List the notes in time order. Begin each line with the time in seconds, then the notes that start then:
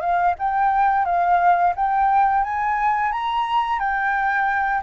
0.00 F5
0.38 G5
1.05 F5
1.75 G5
2.43 G#5
3.12 A#5
3.79 G5